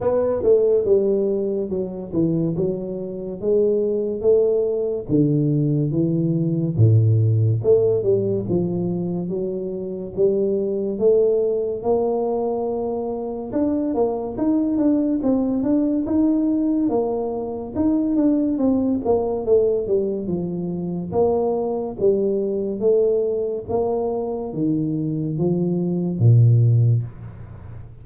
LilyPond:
\new Staff \with { instrumentName = "tuba" } { \time 4/4 \tempo 4 = 71 b8 a8 g4 fis8 e8 fis4 | gis4 a4 d4 e4 | a,4 a8 g8 f4 fis4 | g4 a4 ais2 |
d'8 ais8 dis'8 d'8 c'8 d'8 dis'4 | ais4 dis'8 d'8 c'8 ais8 a8 g8 | f4 ais4 g4 a4 | ais4 dis4 f4 ais,4 | }